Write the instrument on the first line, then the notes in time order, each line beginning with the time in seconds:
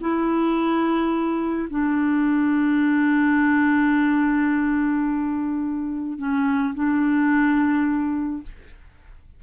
clarinet
0.00 E4
1.69 D4
6.18 C#4
6.74 D4